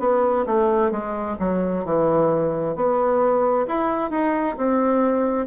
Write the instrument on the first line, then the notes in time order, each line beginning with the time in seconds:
bassoon
0.00 B3
0.46 A3
0.91 G#3
1.40 F#3
1.85 E3
2.76 B3
3.68 E4
4.11 D#4
4.57 C4